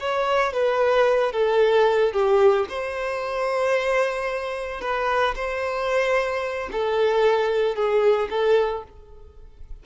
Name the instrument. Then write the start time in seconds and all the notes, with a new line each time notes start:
violin
0.00 C#5
0.53 B4
1.32 A4
2.13 G4
2.69 C5
4.81 B4
5.36 C5
6.72 A4
7.76 G#4
8.30 A4